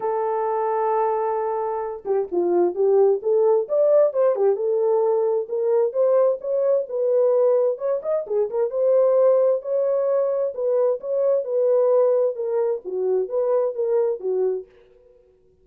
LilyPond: \new Staff \with { instrumentName = "horn" } { \time 4/4 \tempo 4 = 131 a'1~ | a'8 g'8 f'4 g'4 a'4 | d''4 c''8 g'8 a'2 | ais'4 c''4 cis''4 b'4~ |
b'4 cis''8 dis''8 gis'8 ais'8 c''4~ | c''4 cis''2 b'4 | cis''4 b'2 ais'4 | fis'4 b'4 ais'4 fis'4 | }